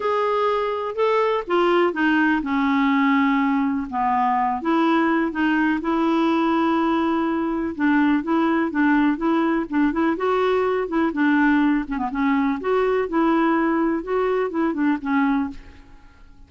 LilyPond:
\new Staff \with { instrumentName = "clarinet" } { \time 4/4 \tempo 4 = 124 gis'2 a'4 f'4 | dis'4 cis'2. | b4. e'4. dis'4 | e'1 |
d'4 e'4 d'4 e'4 | d'8 e'8 fis'4. e'8 d'4~ | d'8 cis'16 b16 cis'4 fis'4 e'4~ | e'4 fis'4 e'8 d'8 cis'4 | }